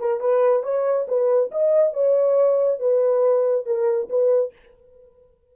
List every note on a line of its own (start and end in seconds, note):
0.00 0.21 A#4
0.21 0.64 B4
0.64 1.07 C#5
1.08 1.51 B4
1.52 1.94 D#5
1.94 2.80 C#5
2.80 3.66 B4
3.67 4.10 A#4
4.10 4.53 B4